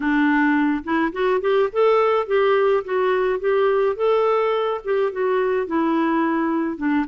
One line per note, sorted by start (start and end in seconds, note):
0.00 0.83 D4
0.83 1.12 E4
1.12 1.40 F#4
1.40 1.69 G4
1.72 2.26 A4
2.26 2.83 G4
2.84 3.39 F#4
3.39 3.96 G4
3.96 4.81 A4
4.84 5.11 G4
5.11 5.67 F#4
5.67 6.77 E4
6.77 7.05 D4